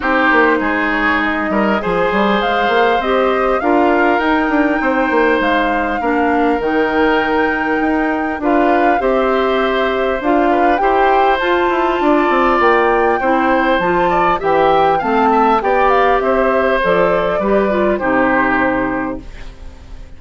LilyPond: <<
  \new Staff \with { instrumentName = "flute" } { \time 4/4 \tempo 4 = 100 c''4. cis''8 dis''4 gis''4 | f''4 dis''4 f''4 g''4~ | g''4 f''2 g''4~ | g''2 f''4 e''4~ |
e''4 f''4 g''4 a''4~ | a''4 g''2 a''4 | g''4 a''4 g''8 f''8 e''4 | d''2 c''2 | }
  \new Staff \with { instrumentName = "oboe" } { \time 4/4 g'4 gis'4. ais'8 c''4~ | c''2 ais'2 | c''2 ais'2~ | ais'2 b'4 c''4~ |
c''4. b'8 c''2 | d''2 c''4. d''8 | e''4 f''8 e''8 d''4 c''4~ | c''4 b'4 g'2 | }
  \new Staff \with { instrumentName = "clarinet" } { \time 4/4 dis'2. gis'4~ | gis'4 g'4 f'4 dis'4~ | dis'2 d'4 dis'4~ | dis'2 f'4 g'4~ |
g'4 f'4 g'4 f'4~ | f'2 e'4 f'4 | g'4 c'4 g'2 | a'4 g'8 f'8 dis'2 | }
  \new Staff \with { instrumentName = "bassoon" } { \time 4/4 c'8 ais8 gis4. g8 f8 g8 | gis8 ais8 c'4 d'4 dis'8 d'8 | c'8 ais8 gis4 ais4 dis4~ | dis4 dis'4 d'4 c'4~ |
c'4 d'4 e'4 f'8 e'8 | d'8 c'8 ais4 c'4 f4 | e4 a4 b4 c'4 | f4 g4 c2 | }
>>